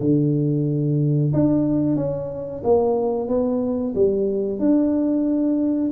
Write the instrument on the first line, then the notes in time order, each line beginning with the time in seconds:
tuba
0.00 D3
1.33 D4
1.96 C#4
2.63 A#3
3.28 B3
3.94 G3
4.59 D4